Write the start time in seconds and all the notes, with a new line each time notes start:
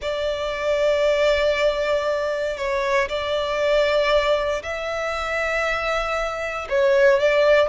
0.01 D5
2.57 C#5
3.08 D5
4.62 E5
6.69 C#5
7.19 D5